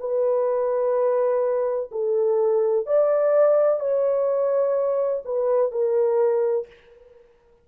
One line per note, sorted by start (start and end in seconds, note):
0.00 1.90 B4
1.91 2.86 A4
2.86 3.80 D5
3.80 5.23 C#5
5.25 5.72 B4
5.72 6.67 A#4